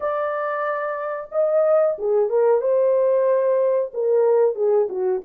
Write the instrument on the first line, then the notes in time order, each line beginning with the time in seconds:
horn
0.00 D5
1.31 D#5
1.98 G#4
2.29 A#4
2.61 C5
3.93 A#4
4.55 G#4
4.89 F#4